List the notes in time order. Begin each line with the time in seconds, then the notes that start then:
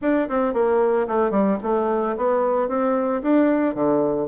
0.01 D4
0.28 C4
0.53 A#3
1.07 A3
1.30 G3
1.62 A3
2.16 B3
2.68 C4
3.22 D4
3.75 D3